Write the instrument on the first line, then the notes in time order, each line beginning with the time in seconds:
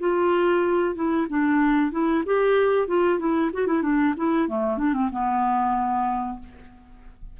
clarinet
0.00 F4
0.95 E4
1.29 D4
1.92 E4
2.26 G4
2.88 F4
3.19 E4
3.53 F#4
3.67 E4
3.83 D4
4.17 E4
4.49 A3
4.78 D4
4.94 C4
5.12 B3